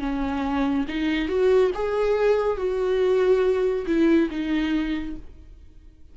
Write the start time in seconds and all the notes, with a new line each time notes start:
0.00 C#4
0.88 D#4
1.29 F#4
1.75 G#4
2.58 F#4
3.87 E4
4.31 D#4